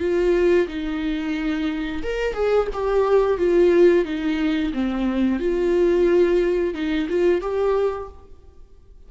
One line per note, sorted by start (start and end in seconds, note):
0.00 0.67 F4
0.68 2.03 D#4
2.03 2.34 A#4
2.34 2.68 G#4
2.73 3.38 G4
3.38 4.05 F4
4.05 4.73 D#4
4.73 5.40 C4
5.40 6.74 F4
6.74 7.08 D#4
7.09 7.41 F4
7.41 8.09 G4